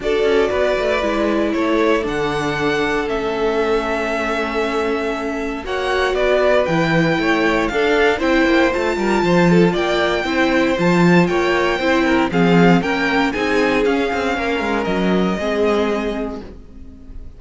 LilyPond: <<
  \new Staff \with { instrumentName = "violin" } { \time 4/4 \tempo 4 = 117 d''2. cis''4 | fis''2 e''2~ | e''2. fis''4 | d''4 g''2 f''4 |
g''4 a''2 g''4~ | g''4 a''4 g''2 | f''4 g''4 gis''4 f''4~ | f''4 dis''2. | }
  \new Staff \with { instrumentName = "violin" } { \time 4/4 a'4 b'2 a'4~ | a'1~ | a'2. cis''4 | b'2 cis''4 a'4 |
c''4. ais'8 c''8 a'8 d''4 | c''2 cis''4 c''8 ais'8 | gis'4 ais'4 gis'2 | ais'2 gis'2 | }
  \new Staff \with { instrumentName = "viola" } { \time 4/4 fis'2 e'2 | d'2 cis'2~ | cis'2. fis'4~ | fis'4 e'2 d'4 |
e'4 f'2. | e'4 f'2 e'4 | c'4 cis'4 dis'4 cis'4~ | cis'2 c'2 | }
  \new Staff \with { instrumentName = "cello" } { \time 4/4 d'8 cis'8 b8 a8 gis4 a4 | d2 a2~ | a2. ais4 | b4 e4 a4 d'4 |
c'8 ais8 a8 g8 f4 ais4 | c'4 f4 ais4 c'4 | f4 ais4 c'4 cis'8 c'8 | ais8 gis8 fis4 gis2 | }
>>